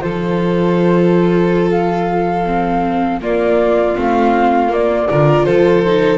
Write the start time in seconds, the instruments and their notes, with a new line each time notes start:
0.00 double bass F3, viola F4, violin A4, flute C5
1.71 flute F5
2.46 viola C4
3.20 double bass A#3, viola A#3, violin F4, flute D5
3.96 double bass A3, viola C4, flute F5
4.68 viola A#3, double bass A#3, flute D5
5.08 double bass D3, viola F4, violin A#4
5.45 double bass F3, violin A4, flute C5
5.86 viola D#4